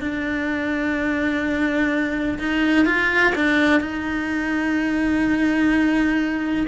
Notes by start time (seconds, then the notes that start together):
0.00 D4
2.39 D#4
2.85 F4
3.35 D4
3.80 D#4